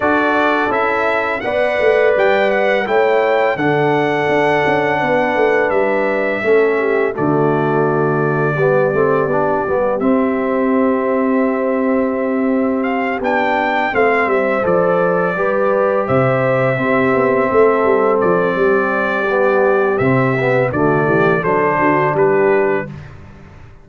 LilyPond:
<<
  \new Staff \with { instrumentName = "trumpet" } { \time 4/4 \tempo 4 = 84 d''4 e''4 fis''4 g''8 fis''8 | g''4 fis''2. | e''2 d''2~ | d''2 e''2~ |
e''2 f''8 g''4 f''8 | e''8 d''2 e''4.~ | e''4. d''2~ d''8 | e''4 d''4 c''4 b'4 | }
  \new Staff \with { instrumentName = "horn" } { \time 4/4 a'2 d''2 | cis''4 a'2 b'4~ | b'4 a'8 g'8 fis'2 | g'1~ |
g'2.~ g'8 c''8~ | c''4. b'4 c''4 g'8~ | g'8 a'4. g'2~ | g'4 fis'8 g'8 a'8 fis'8 g'4 | }
  \new Staff \with { instrumentName = "trombone" } { \time 4/4 fis'4 e'4 b'2 | e'4 d'2.~ | d'4 cis'4 a2 | b8 c'8 d'8 b8 c'2~ |
c'2~ c'8 d'4 c'8~ | c'8 a'4 g'2 c'8~ | c'2. b4 | c'8 b8 a4 d'2 | }
  \new Staff \with { instrumentName = "tuba" } { \time 4/4 d'4 cis'4 b8 a8 g4 | a4 d4 d'8 cis'8 b8 a8 | g4 a4 d2 | g8 a8 b8 g8 c'2~ |
c'2~ c'8 b4 a8 | g8 f4 g4 c4 c'8 | b8 a8 g8 f8 g2 | c4 d8 e8 fis8 d8 g4 | }
>>